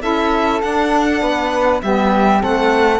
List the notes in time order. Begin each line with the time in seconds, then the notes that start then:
0.00 C#4 E4 A4 E5
0.61 D4 F#5
1.22 B3 B4
1.82 G3 B3 G4 E5
2.40 A3 C4 A4 F#5